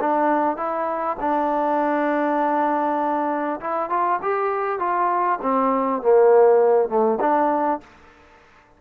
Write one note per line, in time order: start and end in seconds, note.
0.00 0.56 D4
0.56 1.16 E4
1.19 3.59 D4
3.60 3.89 E4
3.89 4.19 F4
4.22 4.79 G4
4.79 5.39 F4
5.42 6.01 C4
6.02 6.88 A#3
6.88 7.18 A3
7.20 7.80 D4